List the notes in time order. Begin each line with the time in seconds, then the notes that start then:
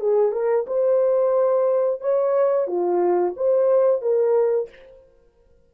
0.00 G#4
0.32 A#4
0.66 C5
2.00 C#5
2.67 F4
3.36 C5
4.01 A#4